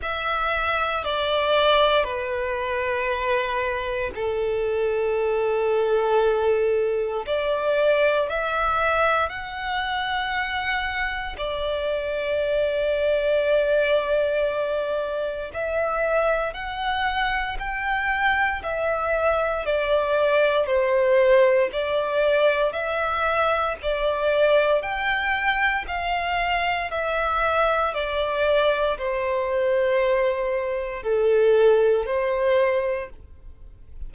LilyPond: \new Staff \with { instrumentName = "violin" } { \time 4/4 \tempo 4 = 58 e''4 d''4 b'2 | a'2. d''4 | e''4 fis''2 d''4~ | d''2. e''4 |
fis''4 g''4 e''4 d''4 | c''4 d''4 e''4 d''4 | g''4 f''4 e''4 d''4 | c''2 a'4 c''4 | }